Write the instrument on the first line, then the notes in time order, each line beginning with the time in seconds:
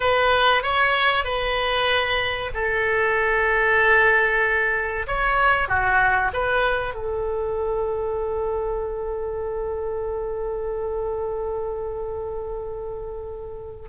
oboe
0.00 B4
0.63 C#5
1.24 B4
2.53 A4
5.07 C#5
5.68 F#4
6.33 B4
6.94 A4